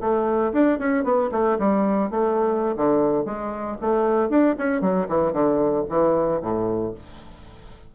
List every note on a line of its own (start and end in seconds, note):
0.00 0.52 A3
0.53 0.79 D4
0.79 1.04 C#4
1.04 1.30 B3
1.32 1.58 A3
1.58 2.10 G3
2.10 2.76 A3
2.76 3.25 D3
3.25 3.77 G#3
3.81 4.29 A3
4.29 4.56 D4
4.58 4.81 C#4
4.81 5.07 F#3
5.08 5.33 E3
5.33 5.85 D3
5.89 6.41 E3
6.42 6.94 A2